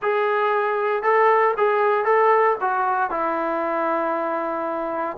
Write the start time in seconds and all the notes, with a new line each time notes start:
0.01 G#4
1.02 A4
1.57 G#4
2.04 A4
2.61 F#4
3.10 E4